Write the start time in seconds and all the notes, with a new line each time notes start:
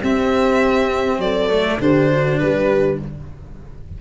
0.00 C4 G4 E5
1.18 F#3 A4 D5
1.49 A3
1.79 D3 D4 G4 C5
2.10 F#4
2.38 G3 G4 B4